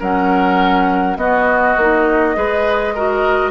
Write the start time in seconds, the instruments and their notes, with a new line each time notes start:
0.00 bassoon F#3, clarinet C#4, oboe A#4, flute F#5
1.17 bassoon B3, clarinet B3, oboe F#4, flute D#5
1.77 bassoon A#3, clarinet D#4
2.36 bassoon G#3, clarinet G#4, oboe B4
2.95 clarinet F#4, oboe A#4